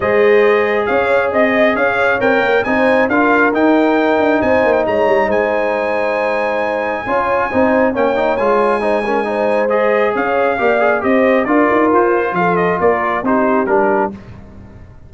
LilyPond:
<<
  \new Staff \with { instrumentName = "trumpet" } { \time 4/4 \tempo 4 = 136 dis''2 f''4 dis''4 | f''4 g''4 gis''4 f''4 | g''2 gis''8. g''16 ais''4 | gis''1~ |
gis''2 g''4 gis''4~ | gis''2 dis''4 f''4~ | f''4 dis''4 d''4 c''4 | f''8 dis''8 d''4 c''4 ais'4 | }
  \new Staff \with { instrumentName = "horn" } { \time 4/4 c''2 cis''4 dis''4 | cis''2 c''4 ais'4~ | ais'2 c''4 cis''4 | c''1 |
cis''4 c''4 cis''2 | c''8 ais'8 c''2 cis''4 | d''4 c''4 ais'2 | a'4 ais'4 g'2 | }
  \new Staff \with { instrumentName = "trombone" } { \time 4/4 gis'1~ | gis'4 ais'4 dis'4 f'4 | dis'1~ | dis'1 |
f'4 dis'4 cis'8 dis'8 f'4 | dis'8 cis'8 dis'4 gis'2 | g'8 gis'8 g'4 f'2~ | f'2 dis'4 d'4 | }
  \new Staff \with { instrumentName = "tuba" } { \time 4/4 gis2 cis'4 c'4 | cis'4 c'8 ais8 c'4 d'4 | dis'4. d'8 c'8 ais8 gis8 g8 | gis1 |
cis'4 c'4 ais4 gis4~ | gis2. cis'4 | ais4 c'4 d'8 dis'8 f'4 | f4 ais4 c'4 g4 | }
>>